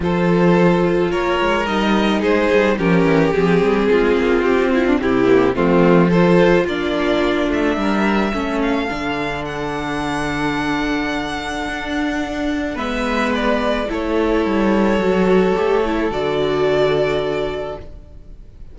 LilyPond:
<<
  \new Staff \with { instrumentName = "violin" } { \time 4/4 \tempo 4 = 108 c''2 cis''4 dis''4 | c''4 ais'4 gis'2 | g'8 f'8 g'4 f'4 c''4 | d''4. e''2 f''8~ |
f''4 fis''2.~ | fis''2. e''4 | d''4 cis''2.~ | cis''4 d''2. | }
  \new Staff \with { instrumentName = "violin" } { \time 4/4 a'2 ais'2 | gis'4 g'2 f'4~ | f'8 e'16 d'16 e'4 c'4 a'4 | f'2 ais'4 a'4~ |
a'1~ | a'2. b'4~ | b'4 a'2.~ | a'1 | }
  \new Staff \with { instrumentName = "viola" } { \time 4/4 f'2. dis'4~ | dis'4 cis'4 c'2~ | c'4. ais8 a4 f'4 | d'2. cis'4 |
d'1~ | d'2. b4~ | b4 e'2 fis'4 | g'8 e'8 fis'2. | }
  \new Staff \with { instrumentName = "cello" } { \time 4/4 f2 ais8 gis8 g4 | gis8 g8 f8 e8 f8 g8 gis8 ais8 | c'4 c4 f2 | ais4. a8 g4 a4 |
d1~ | d4 d'2 gis4~ | gis4 a4 g4 fis4 | a4 d2. | }
>>